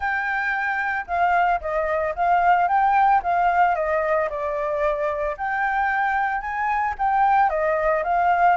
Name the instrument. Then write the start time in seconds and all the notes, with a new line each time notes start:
flute
0.00 G5
1.06 F5
1.60 D#5
2.15 F5
2.68 G5
3.22 F5
3.75 D#5
4.29 D5
5.37 G5
6.41 G#5
6.98 G5
7.49 D#5
8.03 F5